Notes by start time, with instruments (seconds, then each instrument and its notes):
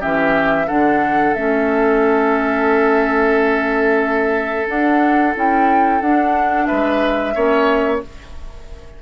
0.00 bassoon E3, clarinet C#4, oboe G4, flute E5
0.67 bassoon D3, clarinet D4, oboe A4, flute F#5
1.34 bassoon A3, clarinet C#4, flute E5
4.67 clarinet D4, bassoon D4, flute F#5
5.35 bassoon C#4, clarinet E4, flute G5
6.01 bassoon D4, clarinet D4, flute F#5
6.67 bassoon G#3, oboe B4, flute E5
7.35 bassoon A#3, clarinet C#4, oboe C#5